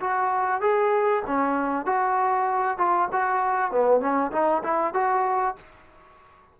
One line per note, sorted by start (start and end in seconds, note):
0.00 0.61 F#4
0.61 1.23 G#4
1.26 1.85 C#4
1.85 2.78 F#4
2.78 3.08 F4
3.12 3.71 F#4
3.71 4.00 B3
4.00 4.31 C#4
4.31 4.62 D#4
4.63 4.93 E4
4.93 5.55 F#4